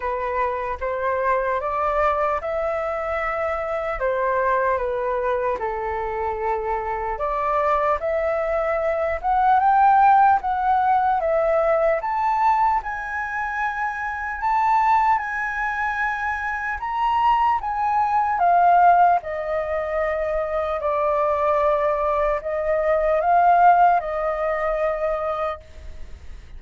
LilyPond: \new Staff \with { instrumentName = "flute" } { \time 4/4 \tempo 4 = 75 b'4 c''4 d''4 e''4~ | e''4 c''4 b'4 a'4~ | a'4 d''4 e''4. fis''8 | g''4 fis''4 e''4 a''4 |
gis''2 a''4 gis''4~ | gis''4 ais''4 gis''4 f''4 | dis''2 d''2 | dis''4 f''4 dis''2 | }